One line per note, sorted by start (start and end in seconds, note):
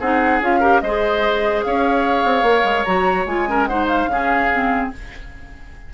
0.00 0.41 C4
0.00 0.42 D#4
0.00 0.60 G#4
0.00 0.42 F#5
0.41 0.82 C#4
0.41 0.61 F4
0.41 0.81 F5
0.60 0.82 G4
0.60 0.81 A#4
0.81 1.64 G#3
0.81 1.65 C5
0.81 1.62 D#5
0.87 2.47 G#4
1.63 2.25 C#4
1.63 3.50 C#5
1.63 2.84 F5
2.25 2.43 C4
2.43 2.63 A#3
2.43 2.87 A#4
2.64 2.85 G#3
2.84 3.26 F#3
2.84 3.28 F#4
2.84 3.25 A#5
3.26 4.06 G#3
3.26 3.48 F4
3.26 3.67 G#5
3.48 3.68 C#4
3.48 3.69 A#4
3.67 4.10 D#4
3.67 4.09 C5
3.67 3.87 F#5
3.87 4.89 F5
4.06 4.88 C#3
4.06 4.51 C#4
4.06 4.94 G#4
4.52 4.93 C4